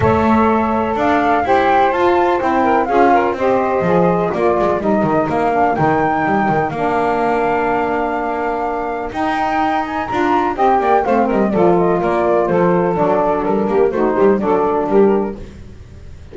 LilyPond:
<<
  \new Staff \with { instrumentName = "flute" } { \time 4/4 \tempo 4 = 125 e''2 f''4 g''4 | a''4 g''4 f''4 dis''4~ | dis''4 d''4 dis''4 f''4 | g''2 f''2~ |
f''2. g''4~ | g''8 gis''8 ais''4 g''4 f''8 dis''8 | d''8 dis''8 d''4 c''4 d''4 | ais'4 c''4 d''4 ais'4 | }
  \new Staff \with { instrumentName = "saxophone" } { \time 4/4 cis''2 d''4 c''4~ | c''4. ais'8 gis'8 ais'8 c''4~ | c''4 ais'2.~ | ais'1~ |
ais'1~ | ais'2 dis''8 d''8 c''8 ais'8 | a'4 ais'4 a'2~ | a'8 g'8 fis'8 g'8 a'4 g'4 | }
  \new Staff \with { instrumentName = "saxophone" } { \time 4/4 a'2. g'4 | f'4 e'4 f'4 g'4 | gis'4 f'4 dis'4. d'8 | dis'2 d'2~ |
d'2. dis'4~ | dis'4 f'4 g'4 c'4 | f'2. d'4~ | d'4 dis'4 d'2 | }
  \new Staff \with { instrumentName = "double bass" } { \time 4/4 a2 d'4 e'4 | f'4 c'4 cis'4 c'4 | f4 ais8 gis8 g8 dis8 ais4 | dis4 g8 dis8 ais2~ |
ais2. dis'4~ | dis'4 d'4 c'8 ais8 a8 g8 | f4 ais4 f4 fis4 | g8 ais8 a8 g8 fis4 g4 | }
>>